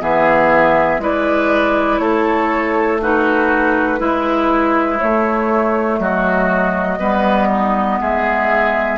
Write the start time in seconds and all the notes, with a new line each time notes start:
0.00 E3 B3 G#4 E5
0.99 G#3 E4 B4 D5
1.98 A3 A4 C#5
3.01 D#4 F#4 B4
3.98 G#3 E4
4.99 A3 C#5
5.99 F#3 F#4 D#5
6.99 G3 B3 B4
7.48 D#4
8.00 G#3 G#4 E5